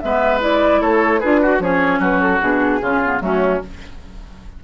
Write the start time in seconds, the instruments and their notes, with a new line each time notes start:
0.00 bassoon G#3, clarinet B3, oboe B4, flute E5
0.40 clarinet E4, flute D5
0.81 bassoon A3, oboe A4, flute C#5
1.20 bassoon D4, clarinet F4, oboe G#4, flute B4
1.42 oboe F#4, clarinet F#4
1.59 bassoon F3, clarinet C#4, oboe G#4, flute C#5
1.99 bassoon F#3, oboe F#4, flute B4
2.20 flute A4
2.41 bassoon B2, clarinet D4, flute G#4
2.81 bassoon C#3, clarinet C#4, oboe F4
3.03 clarinet B3
3.20 bassoon F#3, clarinet A3, oboe C#4, flute F#4